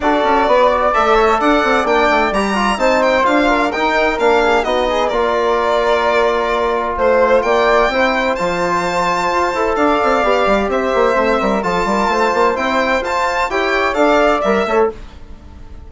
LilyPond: <<
  \new Staff \with { instrumentName = "violin" } { \time 4/4 \tempo 4 = 129 d''2 e''4 fis''4 | g''4 ais''4 a''8 g''8 f''4 | g''4 f''4 dis''4 d''4~ | d''2. c''4 |
g''2 a''2~ | a''4 f''2 e''4~ | e''4 a''2 g''4 | a''4 g''4 f''4 e''4 | }
  \new Staff \with { instrumentName = "flute" } { \time 4/4 a'4 b'8 d''4 cis''8 d''4~ | d''2 c''4. ais'8~ | ais'4. gis'8 fis'8 gis'8 ais'4~ | ais'2. c''4 |
d''4 c''2.~ | c''4 d''2 c''4~ | c''8 ais'8 a'8 ais'8 c''2~ | c''4 cis''4 d''4. cis''8 | }
  \new Staff \with { instrumentName = "trombone" } { \time 4/4 fis'2 a'2 | d'4 g'8 f'8 dis'4 f'4 | dis'4 d'4 dis'4 f'4~ | f'1~ |
f'4 e'4 f'2~ | f'8 a'4. g'2 | c'4 f'2 e'4 | f'4 g'4 a'4 ais'8 a'8 | }
  \new Staff \with { instrumentName = "bassoon" } { \time 4/4 d'8 cis'8 b4 a4 d'8 c'8 | ais8 a8 g4 c'4 d'4 | dis'4 ais4 b4 ais4~ | ais2. a4 |
ais4 c'4 f2 | f'8 e'8 d'8 c'8 b8 g8 c'8 ais8 | a8 g8 f8 g8 a8 ais8 c'4 | f'4 e'4 d'4 g8 a8 | }
>>